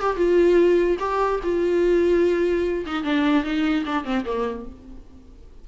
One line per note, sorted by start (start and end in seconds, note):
0.00 0.16 G4
0.16 0.97 F4
0.99 1.40 G4
1.43 2.85 F4
2.86 3.03 D#4
3.03 3.43 D4
3.43 3.84 D#4
3.86 4.04 D4
4.04 4.25 C4
4.25 4.65 A#3